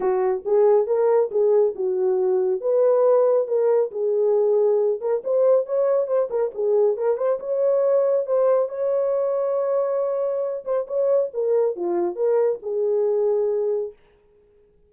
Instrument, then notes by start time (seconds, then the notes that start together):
horn
0.00 F#4
0.45 G#4
0.86 A#4
1.31 G#4
1.75 F#4
2.60 B4
3.47 A#4
3.91 G#4
5.00 A#4
5.24 C5
5.65 C#5
6.07 C5
6.29 A#4
6.54 G#4
6.96 A#4
7.17 C5
7.39 C#5
8.26 C5
8.68 C#5
10.64 C5
10.87 C#5
11.33 A#4
11.75 F4
12.15 A#4
12.62 G#4